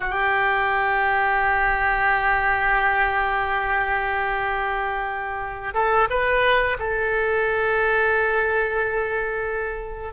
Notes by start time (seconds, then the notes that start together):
0.00 G4
5.74 A4
6.09 B4
6.79 A4